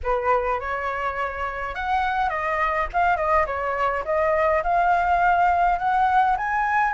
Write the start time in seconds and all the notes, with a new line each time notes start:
0.03 B4
0.60 C#5
1.74 F#5
2.29 D#5
2.93 F5
3.16 D#5
3.46 C#5
4.05 D#5
4.63 F5
5.78 F#5
6.37 G#5